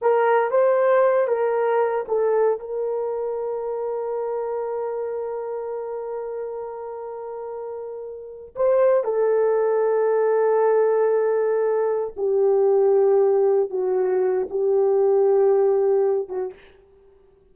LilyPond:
\new Staff \with { instrumentName = "horn" } { \time 4/4 \tempo 4 = 116 ais'4 c''4. ais'4. | a'4 ais'2.~ | ais'1~ | ais'1~ |
ais'8 c''4 a'2~ a'8~ | a'2.~ a'8 g'8~ | g'2~ g'8 fis'4. | g'2.~ g'8 fis'8 | }